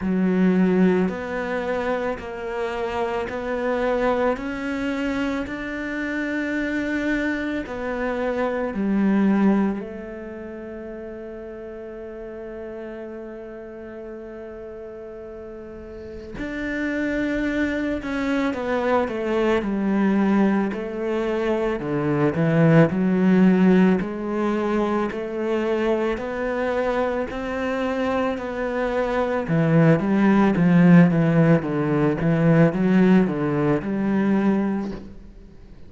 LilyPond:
\new Staff \with { instrumentName = "cello" } { \time 4/4 \tempo 4 = 55 fis4 b4 ais4 b4 | cis'4 d'2 b4 | g4 a2.~ | a2. d'4~ |
d'8 cis'8 b8 a8 g4 a4 | d8 e8 fis4 gis4 a4 | b4 c'4 b4 e8 g8 | f8 e8 d8 e8 fis8 d8 g4 | }